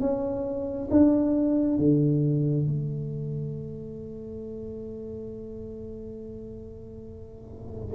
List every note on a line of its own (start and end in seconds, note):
0.00 0.88 C#4
0.90 1.78 D4
1.78 2.66 D3
2.66 7.95 A3